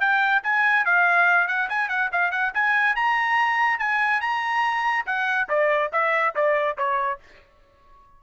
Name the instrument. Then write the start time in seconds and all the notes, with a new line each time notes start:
trumpet
0.00 G5
0.43 G#5
0.85 F5
1.48 F#5
1.70 G#5
1.89 F#5
2.12 F5
2.31 F#5
2.54 G#5
2.96 A#5
3.79 G#5
4.21 A#5
5.06 F#5
5.49 D5
5.93 E5
6.35 D5
6.78 C#5